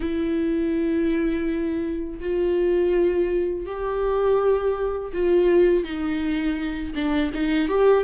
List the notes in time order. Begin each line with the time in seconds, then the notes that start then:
0.00 E4
2.20 F4
3.66 G4
5.13 F4
5.84 D#4
6.95 D4
7.34 D#4
7.68 G4